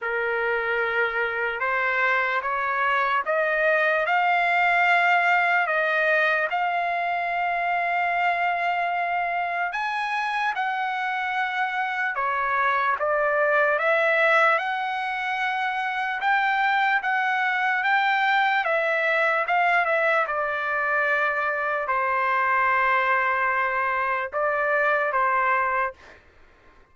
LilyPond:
\new Staff \with { instrumentName = "trumpet" } { \time 4/4 \tempo 4 = 74 ais'2 c''4 cis''4 | dis''4 f''2 dis''4 | f''1 | gis''4 fis''2 cis''4 |
d''4 e''4 fis''2 | g''4 fis''4 g''4 e''4 | f''8 e''8 d''2 c''4~ | c''2 d''4 c''4 | }